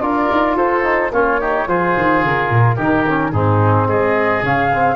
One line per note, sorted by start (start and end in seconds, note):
0.00 0.28 D4
0.00 0.83 F4
0.00 0.56 A#4
0.00 0.56 D5
0.31 0.55 D#4
0.55 1.10 F4
0.55 1.11 A4
0.55 1.12 C5
0.83 1.10 D#4
1.12 1.67 A#3
1.12 1.41 C#4
1.12 1.40 F4
1.12 1.68 C#5
1.40 1.68 D#4
1.40 1.68 G4
1.68 1.95 F3
1.68 2.78 F4
1.68 2.75 G#4
1.68 2.23 C5
1.96 2.23 D#3
2.23 2.50 C#3
2.23 3.32 A#4
2.50 2.77 A#2
2.75 3.32 D#3
2.75 3.05 D#4
2.75 3.30 G4
3.08 3.33 C#4
3.32 3.87 G#2
3.32 4.43 C4
3.32 3.87 D#4
3.32 3.87 G#4
3.87 4.42 G#3
3.87 4.96 G#4
3.87 4.44 D#5
4.43 4.96 C#3
4.43 4.70 C#4
4.43 4.96 F5
4.74 4.96 C4